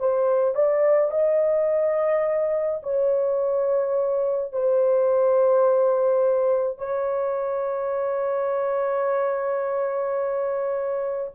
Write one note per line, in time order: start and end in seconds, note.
0.00 0.55 C5
0.55 1.11 D5
1.11 2.81 D#5
2.83 4.52 C#5
4.52 6.78 C5
6.78 11.31 C#5